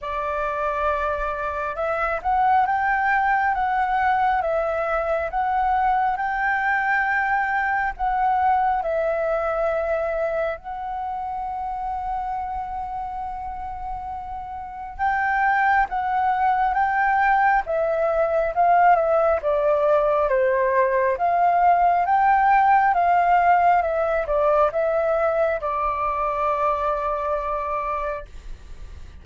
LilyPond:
\new Staff \with { instrumentName = "flute" } { \time 4/4 \tempo 4 = 68 d''2 e''8 fis''8 g''4 | fis''4 e''4 fis''4 g''4~ | g''4 fis''4 e''2 | fis''1~ |
fis''4 g''4 fis''4 g''4 | e''4 f''8 e''8 d''4 c''4 | f''4 g''4 f''4 e''8 d''8 | e''4 d''2. | }